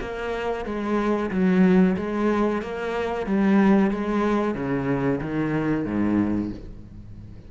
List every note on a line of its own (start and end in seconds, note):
0.00 0.65 A#3
0.65 1.30 G#3
1.30 1.96 F#3
1.96 2.61 G#3
2.61 3.26 A#3
3.26 3.90 G3
3.90 4.54 G#3
4.54 5.20 C#3
5.20 5.85 D#3
5.85 6.51 G#2